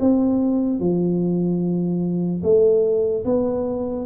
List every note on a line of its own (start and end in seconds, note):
0.00 0.80 C4
0.80 2.42 F3
2.44 3.25 A3
3.25 4.06 B3